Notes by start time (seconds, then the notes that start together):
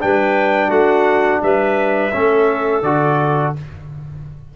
0.00 G3 D4 B4 G5
0.68 A3 F#4 F#5
1.43 G3 B4 E5
2.13 A3 C#4 A4
2.82 D3 F#4 D5